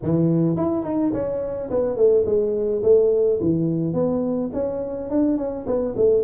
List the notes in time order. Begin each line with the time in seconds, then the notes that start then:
0.02 E3
0.56 E4
0.84 D#4
1.13 C#4
1.70 B3
1.96 A3
2.25 G#3
2.83 A3
3.40 E3
3.93 B3
4.53 C#4
5.09 D4
5.37 C#4
5.66 B3
5.96 A3